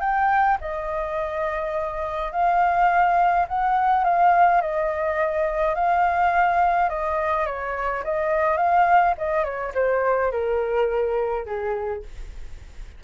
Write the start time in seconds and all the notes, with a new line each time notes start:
0.00 G5
0.60 D#5
2.32 F5
3.48 F#5
4.04 F5
4.61 D#5
5.75 F5
6.89 D#5
7.46 C#5
8.04 D#5
8.57 F5
9.17 D#5
9.44 C#5
9.74 C5
10.31 A#4
11.45 G#4